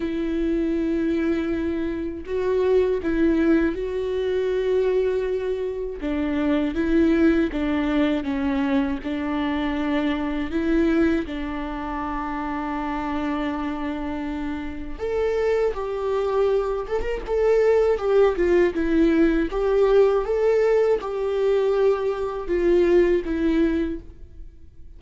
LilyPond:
\new Staff \with { instrumentName = "viola" } { \time 4/4 \tempo 4 = 80 e'2. fis'4 | e'4 fis'2. | d'4 e'4 d'4 cis'4 | d'2 e'4 d'4~ |
d'1 | a'4 g'4. a'16 ais'16 a'4 | g'8 f'8 e'4 g'4 a'4 | g'2 f'4 e'4 | }